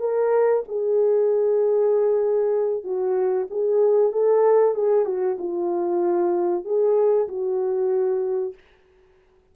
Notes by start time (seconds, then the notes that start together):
0.00 A#4
0.68 G#4
2.84 F#4
3.50 G#4
4.12 A4
4.74 G#4
5.05 F#4
5.39 F4
6.65 G#4
7.28 F#4